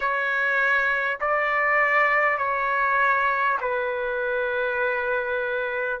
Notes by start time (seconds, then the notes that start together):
0.00 C#5
1.20 D5
2.37 C#5
3.61 B4